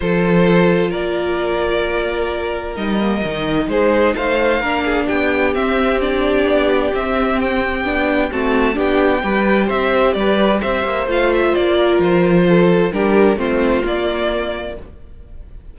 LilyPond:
<<
  \new Staff \with { instrumentName = "violin" } { \time 4/4 \tempo 4 = 130 c''2 d''2~ | d''2 dis''2 | c''4 f''2 g''4 | e''4 d''2 e''4 |
g''2 a''4 g''4~ | g''4 e''4 d''4 e''4 | f''8 e''8 d''4 c''2 | ais'4 c''4 d''2 | }
  \new Staff \with { instrumentName = "violin" } { \time 4/4 a'2 ais'2~ | ais'1 | gis'4 c''4 ais'8 gis'8 g'4~ | g'1~ |
g'2 fis'4 g'4 | b'4 c''4 b'4 c''4~ | c''4. ais'4. a'4 | g'4 f'2. | }
  \new Staff \with { instrumentName = "viola" } { \time 4/4 f'1~ | f'2 dis'8 ais8 dis'4~ | dis'2 d'2 | c'4 d'2 c'4~ |
c'4 d'4 c'4 d'4 | g'1 | f'1 | d'4 c'4 ais2 | }
  \new Staff \with { instrumentName = "cello" } { \time 4/4 f2 ais2~ | ais2 g4 dis4 | gis4 a4 ais4 b4 | c'2 b4 c'4~ |
c'4 b4 a4 b4 | g4 c'4 g4 c'8 ais8 | a4 ais4 f2 | g4 a4 ais2 | }
>>